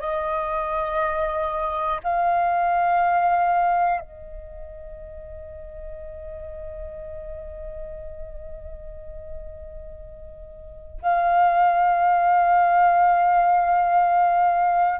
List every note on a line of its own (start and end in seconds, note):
0.00 2.00 D#5
2.04 4.00 F5
4.00 11.00 D#5
11.02 15.00 F5